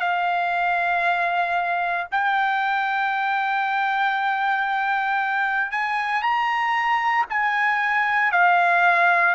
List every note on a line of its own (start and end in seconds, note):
0.00 2.07 F5
2.12 5.72 G5
5.72 6.22 G#5
6.22 7.26 A#5
7.30 8.32 G#5
8.32 9.35 F5